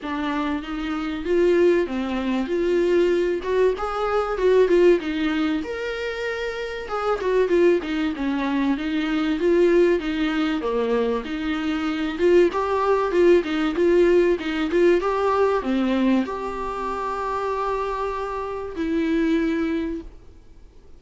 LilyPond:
\new Staff \with { instrumentName = "viola" } { \time 4/4 \tempo 4 = 96 d'4 dis'4 f'4 c'4 | f'4. fis'8 gis'4 fis'8 f'8 | dis'4 ais'2 gis'8 fis'8 | f'8 dis'8 cis'4 dis'4 f'4 |
dis'4 ais4 dis'4. f'8 | g'4 f'8 dis'8 f'4 dis'8 f'8 | g'4 c'4 g'2~ | g'2 e'2 | }